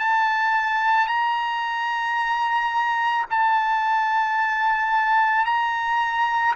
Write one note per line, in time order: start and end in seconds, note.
0.00 1.08 A5
1.08 3.26 A#5
3.31 5.46 A5
5.46 6.55 A#5